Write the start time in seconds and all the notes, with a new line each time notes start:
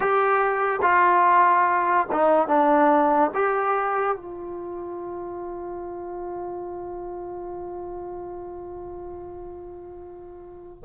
0.00 G4
0.82 F4
2.12 D#4
2.47 D4
3.34 G4
4.16 F4